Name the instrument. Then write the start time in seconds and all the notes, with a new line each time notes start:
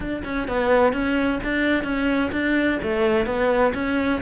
cello
0.00 D4
0.24 C#4
0.48 B3
0.92 C#4
1.43 D4
1.83 C#4
2.32 D4
2.83 A3
3.26 B3
3.74 C#4